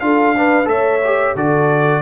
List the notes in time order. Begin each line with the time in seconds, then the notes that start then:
0.00 D4 F4 A4 F5
0.37 D4 B4
0.65 A3 A4 C#5 E5
1.04 G4
1.35 D3 F#4 A4 D5